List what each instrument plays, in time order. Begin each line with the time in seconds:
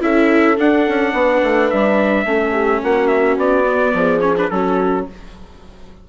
0.00 bassoon C#4, viola E4, horn A4, trumpet E5
0.57 viola D4, bassoon D4, trumpet F#5
0.88 bassoon C#4
1.12 bassoon B3, horn B4
1.43 bassoon A3
1.70 bassoon G3, trumpet E5
2.25 bassoon A3, viola C#4, horn A4
2.52 horn G4
2.83 bassoon A#3, horn F#4, trumpet F#5
3.07 trumpet E5
3.37 bassoon B3, trumpet D5
3.63 viola B3
3.93 bassoon F3, horn G#4
4.20 viola C#4, trumpet C#5
4.37 viola D4, trumpet B4
4.50 bassoon F#3, viola C#4, horn F#4, trumpet A4